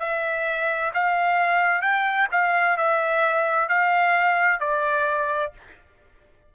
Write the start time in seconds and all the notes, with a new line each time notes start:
0.00 E5
0.94 F5
1.82 G5
2.32 F5
2.78 E5
3.69 F5
4.60 D5